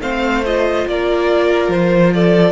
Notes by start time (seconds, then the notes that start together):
0.00 A3 C4 C5 F5
0.45 F4 D#5
0.87 A#3 A#4 D5
1.68 F3 C5
2.13 A4 D5